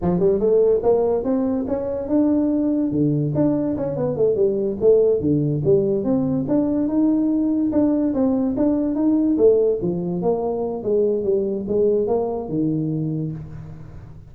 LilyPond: \new Staff \with { instrumentName = "tuba" } { \time 4/4 \tempo 4 = 144 f8 g8 a4 ais4 c'4 | cis'4 d'2 d4 | d'4 cis'8 b8 a8 g4 a8~ | a8 d4 g4 c'4 d'8~ |
d'8 dis'2 d'4 c'8~ | c'8 d'4 dis'4 a4 f8~ | f8 ais4. gis4 g4 | gis4 ais4 dis2 | }